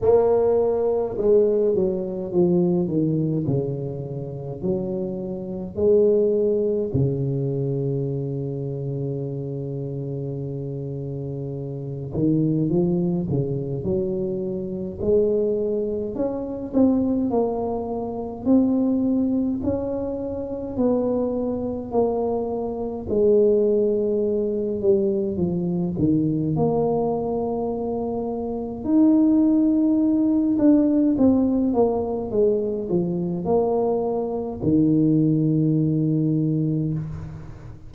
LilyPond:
\new Staff \with { instrumentName = "tuba" } { \time 4/4 \tempo 4 = 52 ais4 gis8 fis8 f8 dis8 cis4 | fis4 gis4 cis2~ | cis2~ cis8 dis8 f8 cis8 | fis4 gis4 cis'8 c'8 ais4 |
c'4 cis'4 b4 ais4 | gis4. g8 f8 dis8 ais4~ | ais4 dis'4. d'8 c'8 ais8 | gis8 f8 ais4 dis2 | }